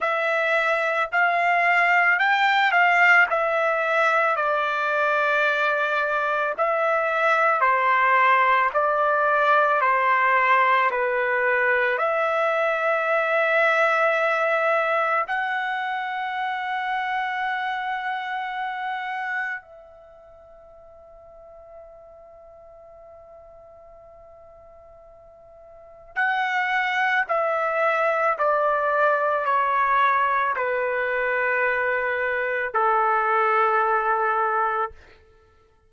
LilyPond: \new Staff \with { instrumentName = "trumpet" } { \time 4/4 \tempo 4 = 55 e''4 f''4 g''8 f''8 e''4 | d''2 e''4 c''4 | d''4 c''4 b'4 e''4~ | e''2 fis''2~ |
fis''2 e''2~ | e''1 | fis''4 e''4 d''4 cis''4 | b'2 a'2 | }